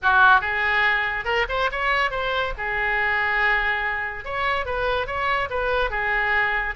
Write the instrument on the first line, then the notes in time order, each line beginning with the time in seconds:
oboe
0.02 F#4
0.41 G#4
1.24 A#4
1.49 C5
1.71 C#5
2.10 C5
2.57 G#4
4.24 C#5
4.65 B4
5.06 C#5
5.50 B4
5.90 G#4